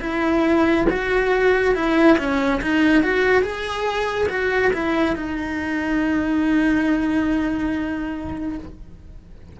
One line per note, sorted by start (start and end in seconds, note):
0.00 0.86 E4
0.89 1.75 F#4
1.75 2.17 E4
2.18 2.61 C#4
2.61 3.03 D#4
3.03 3.42 F#4
3.42 4.27 G#4
4.29 4.71 F#4
4.73 5.15 E4
5.15 8.58 D#4